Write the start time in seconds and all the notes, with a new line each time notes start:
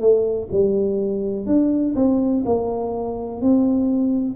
0.00 A3
0.51 G3
1.46 D4
1.95 C4
2.45 A#3
3.41 C4